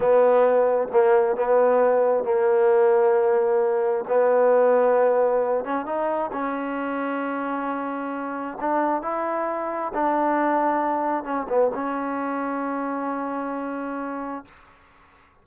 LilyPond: \new Staff \with { instrumentName = "trombone" } { \time 4/4 \tempo 4 = 133 b2 ais4 b4~ | b4 ais2.~ | ais4 b2.~ | b8 cis'8 dis'4 cis'2~ |
cis'2. d'4 | e'2 d'2~ | d'4 cis'8 b8 cis'2~ | cis'1 | }